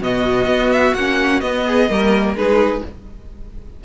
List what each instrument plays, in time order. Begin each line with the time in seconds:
0.00 cello B2, viola B3, violin F#4 D#5
0.46 cello B3
0.72 violin E5
0.94 cello A#3, viola C#4, violin F#5
1.40 cello B3, viola B3, violin D#5
1.67 violin G#4
1.89 cello G3, viola A#3, violin A#4
2.34 cello G#3, viola D#4, violin G#4 B4